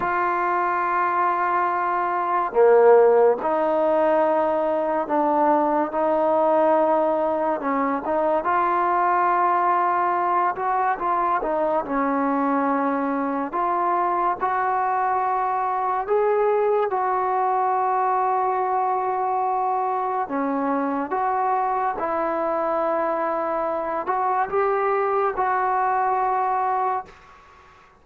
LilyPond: \new Staff \with { instrumentName = "trombone" } { \time 4/4 \tempo 4 = 71 f'2. ais4 | dis'2 d'4 dis'4~ | dis'4 cis'8 dis'8 f'2~ | f'8 fis'8 f'8 dis'8 cis'2 |
f'4 fis'2 gis'4 | fis'1 | cis'4 fis'4 e'2~ | e'8 fis'8 g'4 fis'2 | }